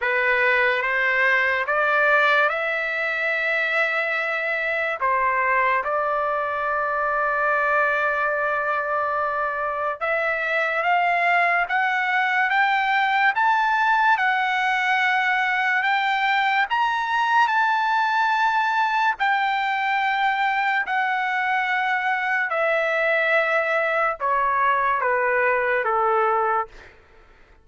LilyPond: \new Staff \with { instrumentName = "trumpet" } { \time 4/4 \tempo 4 = 72 b'4 c''4 d''4 e''4~ | e''2 c''4 d''4~ | d''1 | e''4 f''4 fis''4 g''4 |
a''4 fis''2 g''4 | ais''4 a''2 g''4~ | g''4 fis''2 e''4~ | e''4 cis''4 b'4 a'4 | }